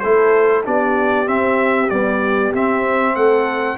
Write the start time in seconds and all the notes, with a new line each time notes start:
0.00 A3 E4 A4 C5
0.65 B3 D4 G4 D5
1.27 C4 E5
1.90 G3 B3 D5
2.54 C4 E5
3.16 A3 A4 F#5